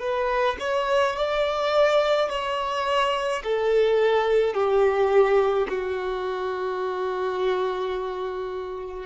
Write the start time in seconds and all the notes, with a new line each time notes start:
0.00 B4
0.59 C#5
1.16 D5
2.29 C#5
3.44 A4
4.54 G4
5.68 F#4